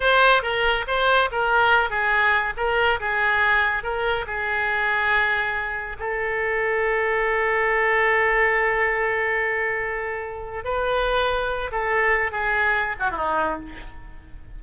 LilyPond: \new Staff \with { instrumentName = "oboe" } { \time 4/4 \tempo 4 = 141 c''4 ais'4 c''4 ais'4~ | ais'8 gis'4. ais'4 gis'4~ | gis'4 ais'4 gis'2~ | gis'2 a'2~ |
a'1~ | a'1~ | a'4 b'2~ b'8 a'8~ | a'4 gis'4. fis'16 e'16 dis'4 | }